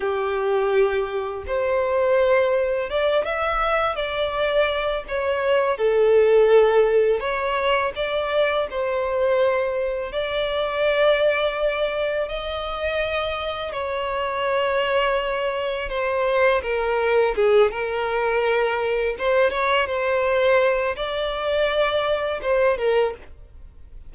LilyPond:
\new Staff \with { instrumentName = "violin" } { \time 4/4 \tempo 4 = 83 g'2 c''2 | d''8 e''4 d''4. cis''4 | a'2 cis''4 d''4 | c''2 d''2~ |
d''4 dis''2 cis''4~ | cis''2 c''4 ais'4 | gis'8 ais'2 c''8 cis''8 c''8~ | c''4 d''2 c''8 ais'8 | }